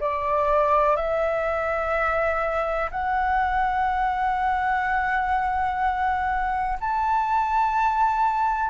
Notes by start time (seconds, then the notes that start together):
0.00 D5
0.96 E5
2.91 F#5
6.80 A5